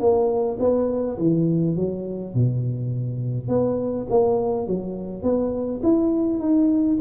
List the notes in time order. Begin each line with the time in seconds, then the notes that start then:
0.00 A#3
0.60 B3
1.18 E3
1.76 F#3
2.34 B2
3.49 B3
4.10 A#3
4.67 F#3
5.23 B3
5.83 E4
6.40 D#4